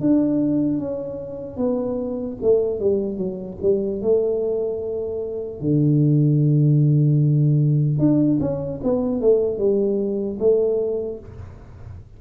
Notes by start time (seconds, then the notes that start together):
0.00 D4
0.78 C#4
1.56 B3
2.41 A3
2.79 G3
3.17 F#3
3.61 G3
4.01 A3
5.60 D3
7.98 D4
8.40 C#4
8.83 B3
9.20 A3
9.58 G3
10.39 A3